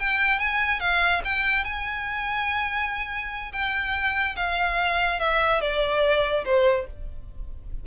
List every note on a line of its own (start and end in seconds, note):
0.00 0.40 G5
0.40 0.80 G#5
0.80 1.22 F5
1.25 1.65 G5
1.65 3.52 G#5
3.53 4.36 G5
4.36 5.20 F5
5.20 5.61 E5
5.61 6.45 D5
6.45 6.87 C5